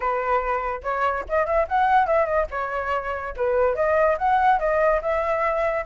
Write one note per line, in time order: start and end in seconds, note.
0.00 0.81 B4
0.83 1.24 C#5
1.28 1.46 D#5
1.46 1.67 E5
1.68 2.06 F#5
2.06 2.25 E5
2.25 2.46 D#5
2.51 3.34 C#5
3.36 3.75 B4
3.75 4.17 D#5
4.18 4.59 F#5
4.59 5.00 D#5
5.01 5.85 E5